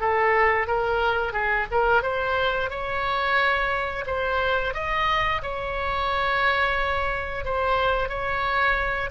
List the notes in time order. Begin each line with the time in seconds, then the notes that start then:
0.00 A4
0.67 A#4
1.33 G#4
1.71 A#4
2.03 C5
2.70 C#5
4.07 C5
4.74 D#5
5.42 C#5
7.45 C5
8.09 C#5